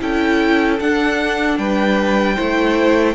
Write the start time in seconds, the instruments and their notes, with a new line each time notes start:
0.00 cello C#4, viola E4, violin A4 G5
0.80 cello D4, viola D4, violin F#5
1.59 cello G3, violin B4 G5
2.36 cello A3, viola E4, violin C5